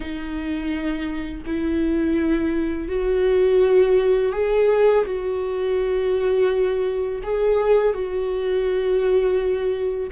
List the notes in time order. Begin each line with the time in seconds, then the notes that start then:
0.00 D#4
1.46 E4
2.88 F#4
4.32 G#4
5.05 F#4
7.23 G#4
7.93 F#4